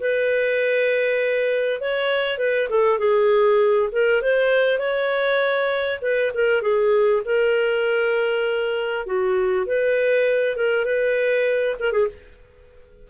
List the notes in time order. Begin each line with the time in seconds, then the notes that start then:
0.00 B4
1.81 C#5
2.39 B4
2.70 A4
2.99 G#4
3.92 A#4
4.22 C5
4.79 C#5
6.02 B4
6.35 A#4
6.62 G#4
7.25 A#4
9.06 F#4
9.66 B4
10.56 A#4
10.85 B4
11.80 A#4
11.93 G#4